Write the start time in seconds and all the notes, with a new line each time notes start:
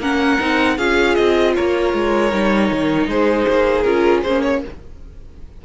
0.00 A#3 C#4 A#4 F#5
0.40 C4 D#4
0.77 C#4 F4 G#4 F5
1.16 C4 D#5
1.56 A#3 A#4 C#5
1.94 G#3
2.31 G3 D#4
2.72 D#3
3.08 G#3 G#4 C5
3.49 A#3
3.83 C#4 F4 A#4
4.24 A#3 C#4 C5
4.42 C#5